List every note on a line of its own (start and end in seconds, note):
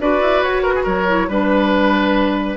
0.00 0.21 D4
0.00 1.08 F#4
0.00 0.63 B4
0.00 0.43 D5
0.21 0.42 E4
0.43 0.86 F#4
0.43 0.64 C#5
0.63 0.73 A#4
0.63 0.85 B4
0.75 0.84 G#4
0.84 1.29 F#3
0.84 1.27 A#4
0.84 1.28 C#5
1.08 1.29 E4
1.28 2.57 G3
1.28 2.57 D4
1.28 2.57 B4